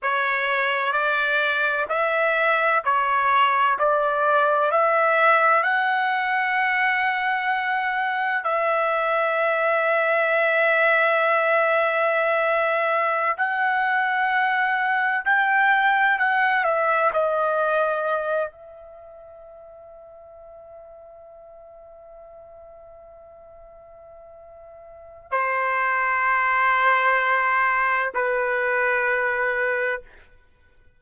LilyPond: \new Staff \with { instrumentName = "trumpet" } { \time 4/4 \tempo 4 = 64 cis''4 d''4 e''4 cis''4 | d''4 e''4 fis''2~ | fis''4 e''2.~ | e''2~ e''16 fis''4.~ fis''16~ |
fis''16 g''4 fis''8 e''8 dis''4. e''16~ | e''1~ | e''2. c''4~ | c''2 b'2 | }